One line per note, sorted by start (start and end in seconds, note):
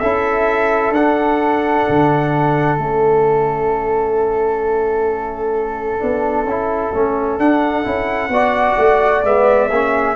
0.00 0.91 C#4
0.00 0.95 E4
0.00 8.32 A4
0.00 0.92 E5
0.91 1.83 D4
0.91 2.78 D4
0.91 2.79 F#5
1.89 2.78 D3
2.78 6.02 A3
2.78 6.00 C#4
2.78 7.39 E5
6.00 6.44 B3
6.00 6.46 D4
6.44 6.91 C#4
6.44 6.94 E4
6.94 7.38 A3
6.94 7.39 C#4
7.38 7.84 D4
7.38 9.24 F#5
7.84 8.29 C#4
7.84 8.30 E4
8.29 8.75 B3
8.29 9.24 F#4
8.29 9.69 D5
8.78 9.24 A3
9.24 9.70 G#3
9.24 9.70 B3
9.24 10.16 E5
9.69 10.16 A#3
9.69 10.16 C#4
9.69 10.15 G#4